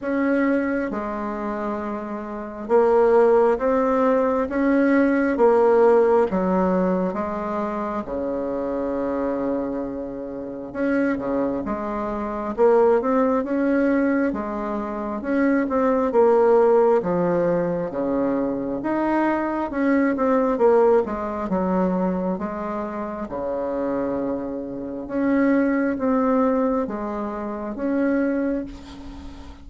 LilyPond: \new Staff \with { instrumentName = "bassoon" } { \time 4/4 \tempo 4 = 67 cis'4 gis2 ais4 | c'4 cis'4 ais4 fis4 | gis4 cis2. | cis'8 cis8 gis4 ais8 c'8 cis'4 |
gis4 cis'8 c'8 ais4 f4 | cis4 dis'4 cis'8 c'8 ais8 gis8 | fis4 gis4 cis2 | cis'4 c'4 gis4 cis'4 | }